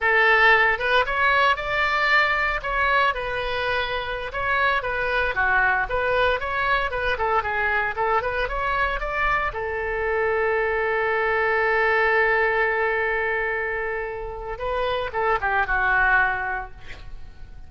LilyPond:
\new Staff \with { instrumentName = "oboe" } { \time 4/4 \tempo 4 = 115 a'4. b'8 cis''4 d''4~ | d''4 cis''4 b'2~ | b'16 cis''4 b'4 fis'4 b'8.~ | b'16 cis''4 b'8 a'8 gis'4 a'8 b'16~ |
b'16 cis''4 d''4 a'4.~ a'16~ | a'1~ | a'1 | b'4 a'8 g'8 fis'2 | }